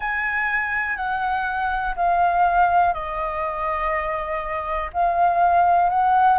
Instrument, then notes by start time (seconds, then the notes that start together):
flute
0.00 G#5
0.96 F#5
1.96 F5
2.93 D#5
4.93 F5
5.89 F#5